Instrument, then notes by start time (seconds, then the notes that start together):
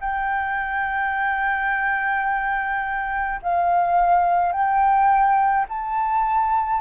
flute
0.00 G5
3.42 F5
4.52 G5
5.69 A5